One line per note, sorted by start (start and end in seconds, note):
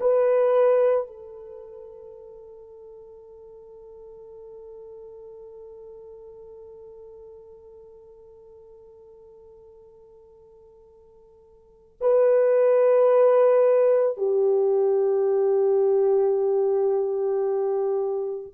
0.00 1.07 B4
1.07 11.98 A4
12.00 14.17 B4
14.17 18.54 G4